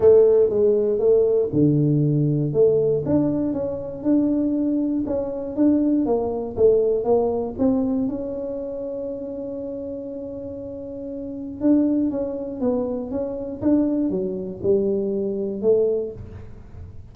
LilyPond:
\new Staff \with { instrumentName = "tuba" } { \time 4/4 \tempo 4 = 119 a4 gis4 a4 d4~ | d4 a4 d'4 cis'4 | d'2 cis'4 d'4 | ais4 a4 ais4 c'4 |
cis'1~ | cis'2. d'4 | cis'4 b4 cis'4 d'4 | fis4 g2 a4 | }